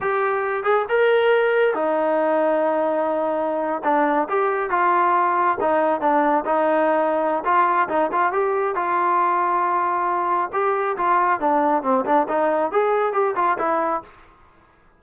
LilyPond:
\new Staff \with { instrumentName = "trombone" } { \time 4/4 \tempo 4 = 137 g'4. gis'8 ais'2 | dis'1~ | dis'8. d'4 g'4 f'4~ f'16~ | f'8. dis'4 d'4 dis'4~ dis'16~ |
dis'4 f'4 dis'8 f'8 g'4 | f'1 | g'4 f'4 d'4 c'8 d'8 | dis'4 gis'4 g'8 f'8 e'4 | }